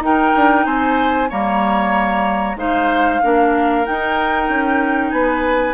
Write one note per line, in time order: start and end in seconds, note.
0.00 0.32 D#4
0.00 1.30 D#4
0.00 0.66 A#4
0.00 0.66 G5
0.36 0.66 D4
0.66 1.30 C4
0.66 1.29 C5
0.66 1.30 G#5
1.29 2.56 G3
1.29 2.57 A#3
1.29 2.57 C#5
1.29 2.58 A#5
2.56 3.20 G#3
2.56 3.21 D#4
2.56 3.22 C5
2.56 3.86 F5
3.22 3.87 A#3
3.22 3.86 D4
3.22 5.13 A#4
3.86 5.74 D#4
3.86 4.49 D#4
3.86 5.11 G5
4.49 5.12 C#4
5.11 5.74 B3
5.11 5.74 B4
5.11 5.74 G#5